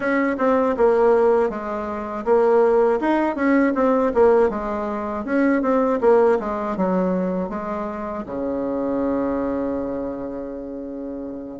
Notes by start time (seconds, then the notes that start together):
0.00 C#4
0.38 C4
0.77 A#3
1.49 G#3
2.24 A#3
3.00 D#4
3.35 C#4
3.75 C4
4.14 A#3
4.49 G#3
5.25 C#4
5.62 C4
6.00 A#3
6.40 G#3
6.76 F#3
7.49 G#3
8.25 C#3